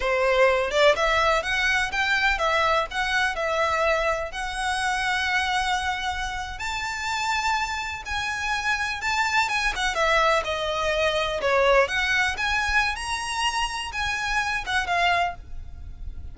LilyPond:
\new Staff \with { instrumentName = "violin" } { \time 4/4 \tempo 4 = 125 c''4. d''8 e''4 fis''4 | g''4 e''4 fis''4 e''4~ | e''4 fis''2.~ | fis''4.~ fis''16 a''2~ a''16~ |
a''8. gis''2 a''4 gis''16~ | gis''16 fis''8 e''4 dis''2 cis''16~ | cis''8. fis''4 gis''4~ gis''16 ais''4~ | ais''4 gis''4. fis''8 f''4 | }